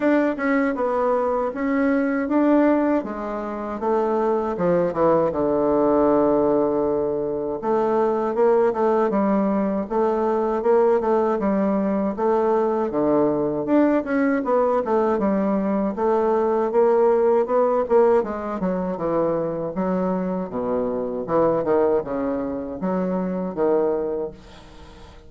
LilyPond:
\new Staff \with { instrumentName = "bassoon" } { \time 4/4 \tempo 4 = 79 d'8 cis'8 b4 cis'4 d'4 | gis4 a4 f8 e8 d4~ | d2 a4 ais8 a8 | g4 a4 ais8 a8 g4 |
a4 d4 d'8 cis'8 b8 a8 | g4 a4 ais4 b8 ais8 | gis8 fis8 e4 fis4 b,4 | e8 dis8 cis4 fis4 dis4 | }